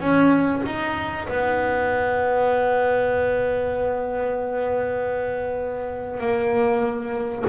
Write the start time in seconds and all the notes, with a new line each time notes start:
0.00 C#4
0.66 D#4
1.28 B3
6.21 A#3